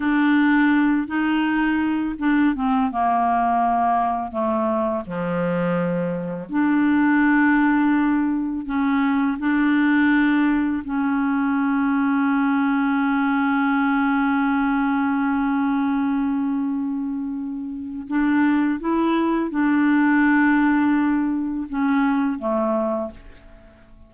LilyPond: \new Staff \with { instrumentName = "clarinet" } { \time 4/4 \tempo 4 = 83 d'4. dis'4. d'8 c'8 | ais2 a4 f4~ | f4 d'2. | cis'4 d'2 cis'4~ |
cis'1~ | cis'1~ | cis'4 d'4 e'4 d'4~ | d'2 cis'4 a4 | }